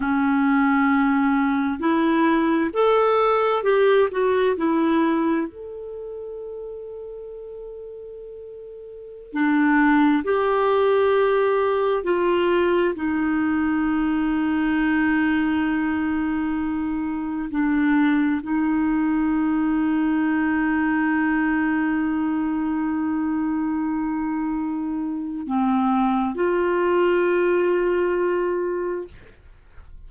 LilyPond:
\new Staff \with { instrumentName = "clarinet" } { \time 4/4 \tempo 4 = 66 cis'2 e'4 a'4 | g'8 fis'8 e'4 a'2~ | a'2~ a'16 d'4 g'8.~ | g'4~ g'16 f'4 dis'4.~ dis'16~ |
dis'2.~ dis'16 d'8.~ | d'16 dis'2.~ dis'8.~ | dis'1 | c'4 f'2. | }